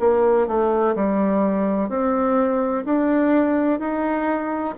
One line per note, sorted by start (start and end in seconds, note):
0.00 0.48 A#3
0.48 0.95 A3
0.96 1.89 G3
1.89 2.84 C4
2.85 3.80 D4
3.80 4.75 D#4